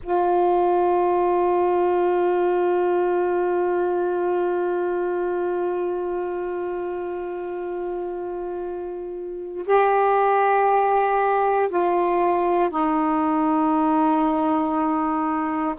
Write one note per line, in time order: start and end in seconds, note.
0.02 9.66 F4
9.66 11.69 G4
11.69 12.69 F4
12.69 15.74 D#4